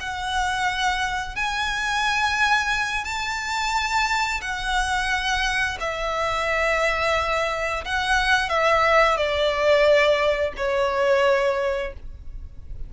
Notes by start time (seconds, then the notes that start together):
0.00 F#5
1.35 G#5
3.05 A5
4.41 F#5
5.80 E5
7.85 F#5
8.49 E5
9.17 D5
10.57 C#5